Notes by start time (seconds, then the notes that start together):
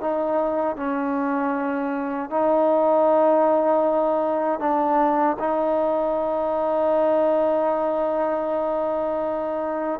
0.00 D#4
0.76 C#4
2.30 D#4
4.59 D4
5.39 D#4